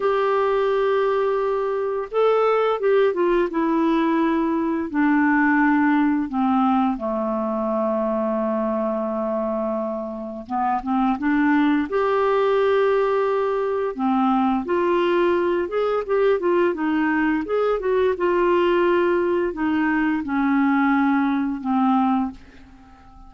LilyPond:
\new Staff \with { instrumentName = "clarinet" } { \time 4/4 \tempo 4 = 86 g'2. a'4 | g'8 f'8 e'2 d'4~ | d'4 c'4 a2~ | a2. b8 c'8 |
d'4 g'2. | c'4 f'4. gis'8 g'8 f'8 | dis'4 gis'8 fis'8 f'2 | dis'4 cis'2 c'4 | }